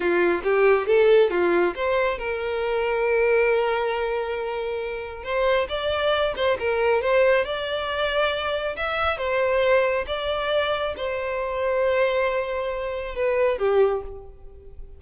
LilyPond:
\new Staff \with { instrumentName = "violin" } { \time 4/4 \tempo 4 = 137 f'4 g'4 a'4 f'4 | c''4 ais'2.~ | ais'1 | c''4 d''4. c''8 ais'4 |
c''4 d''2. | e''4 c''2 d''4~ | d''4 c''2.~ | c''2 b'4 g'4 | }